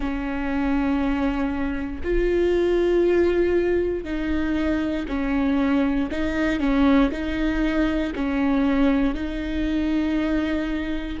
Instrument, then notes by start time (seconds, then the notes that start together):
viola
0.00 C#4
2.03 F4
4.04 D#4
5.08 C#4
6.11 D#4
6.59 C#4
7.11 D#4
8.14 C#4
9.14 D#4